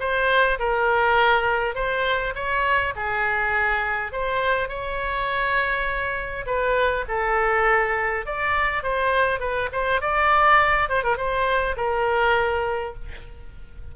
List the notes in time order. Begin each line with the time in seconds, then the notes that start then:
0.00 C5
0.59 A#4
1.75 C5
2.35 C#5
2.96 G#4
4.13 C5
4.69 C#5
6.47 B4
7.09 A4
8.26 D5
8.83 C5
9.40 B4
9.72 C5
10.01 D5
10.90 C5
11.04 A#4
11.18 C5
11.77 A#4